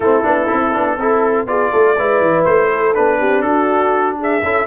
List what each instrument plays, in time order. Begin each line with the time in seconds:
0.00 tuba A3, trombone C4, horn E4, trumpet A4
0.23 tuba B3, trombone D4
0.47 tuba C4, trombone E4
0.73 tuba B3, trombone D4
0.97 tuba C4, trombone E4, horn A4
1.46 tuba B3, trombone F4, horn G#4, trumpet D5
1.71 tuba A3, horn A4
1.97 tuba G#3, trombone E4, horn B4
2.21 tuba E3
2.44 tuba A3, trumpet C5
2.72 horn A4
2.94 tuba B3, trombone D4, trumpet B4
3.19 tuba C4, horn G4
3.41 tuba D4, horn F#4, trumpet A4
4.19 horn G#4, trumpet E5
4.42 tuba C#4, trombone E4, horn A4